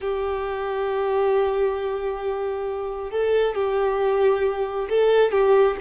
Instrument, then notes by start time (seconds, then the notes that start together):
violin
0.00 G4
3.11 A4
3.55 G4
4.89 A4
5.31 G4